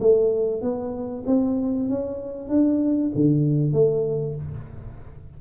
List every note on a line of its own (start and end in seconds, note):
0.00 0.61 A3
0.61 1.24 B3
1.26 1.89 C4
1.89 2.49 C#4
2.49 3.11 D4
3.15 3.73 D3
3.73 4.35 A3